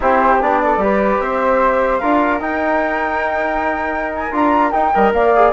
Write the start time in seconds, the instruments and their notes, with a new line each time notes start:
0.00 bassoon C4, trombone E4, flute G4 C5
0.41 bassoon B3, trombone D4, flute D5
0.64 flute A4
0.76 bassoon G3, trombone G4
0.83 flute B4
1.19 bassoon C4, flute C5 E5
1.98 bassoon D4, trombone F4, flute A#4 F5
2.40 trombone D#4, bassoon D#4, flute G5
4.14 flute G#5
4.32 bassoon D4, trombone F4, flute A#5
4.71 trombone D#4, bassoon D#4, flute G5
4.93 bassoon G3, trombone A#4, flute D#5
5.12 bassoon A#3, flute D5 F5
5.36 trombone G#4